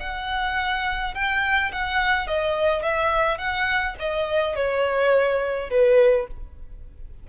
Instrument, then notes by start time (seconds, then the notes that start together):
violin
0.00 F#5
1.14 G5
1.72 F#5
2.27 D#5
2.83 E5
3.38 F#5
3.99 D#5
4.56 C#5
5.70 B4